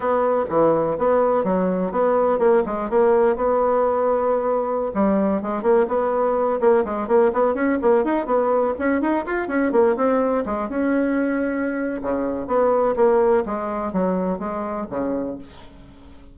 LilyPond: \new Staff \with { instrumentName = "bassoon" } { \time 4/4 \tempo 4 = 125 b4 e4 b4 fis4 | b4 ais8 gis8 ais4 b4~ | b2~ b16 g4 gis8 ais16~ | ais16 b4. ais8 gis8 ais8 b8 cis'16~ |
cis'16 ais8 dis'8 b4 cis'8 dis'8 f'8 cis'16~ | cis'16 ais8 c'4 gis8 cis'4.~ cis'16~ | cis'4 cis4 b4 ais4 | gis4 fis4 gis4 cis4 | }